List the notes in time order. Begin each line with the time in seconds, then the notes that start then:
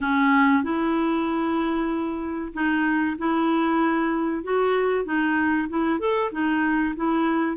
0.00 C#4
0.63 E4
2.53 D#4
3.18 E4
4.43 F#4
5.04 D#4
5.68 E4
5.99 A4
6.31 D#4
6.96 E4